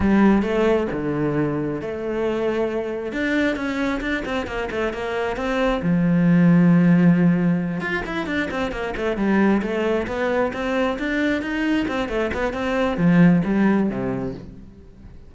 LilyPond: \new Staff \with { instrumentName = "cello" } { \time 4/4 \tempo 4 = 134 g4 a4 d2 | a2. d'4 | cis'4 d'8 c'8 ais8 a8 ais4 | c'4 f2.~ |
f4. f'8 e'8 d'8 c'8 ais8 | a8 g4 a4 b4 c'8~ | c'8 d'4 dis'4 c'8 a8 b8 | c'4 f4 g4 c4 | }